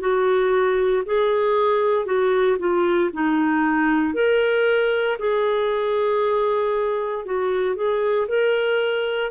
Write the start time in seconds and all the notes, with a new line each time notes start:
0.00 F#4
1.06 G#4
2.06 F#4
2.59 F4
3.14 D#4
4.14 A#4
5.19 G#4
7.25 F#4
7.76 G#4
8.28 A#4